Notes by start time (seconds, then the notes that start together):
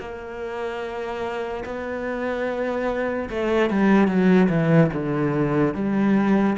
0.00 A#3
1.65 B3
3.30 A3
3.70 G3
4.08 F#3
4.50 E3
4.94 D3
5.75 G3